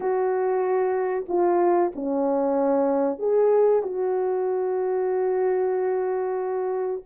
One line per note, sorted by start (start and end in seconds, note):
0.00 1.25 F#4
1.28 1.92 F4
1.95 3.19 C#4
3.19 3.82 G#4
3.83 7.02 F#4